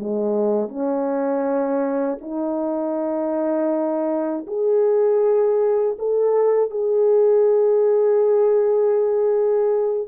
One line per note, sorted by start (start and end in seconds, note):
0.00 0.69 G#3
0.69 2.19 C#4
2.22 4.47 D#4
4.48 5.98 G#4
5.99 6.71 A4
6.71 10.08 G#4